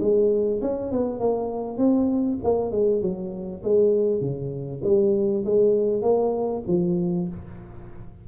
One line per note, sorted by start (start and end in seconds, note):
0.00 0.61 G#3
0.61 0.91 C#4
0.91 1.19 B3
1.19 1.77 A#3
1.77 2.38 C4
2.43 2.71 A#3
2.71 3.01 G#3
3.01 3.62 F#3
3.63 4.21 G#3
4.21 4.81 C#3
4.83 5.44 G3
5.45 6.02 G#3
6.02 6.63 A#3
6.67 7.28 F3